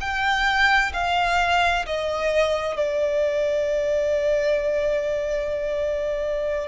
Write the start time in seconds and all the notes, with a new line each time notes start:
0.00 G5
0.93 F5
1.85 D#5
2.76 D5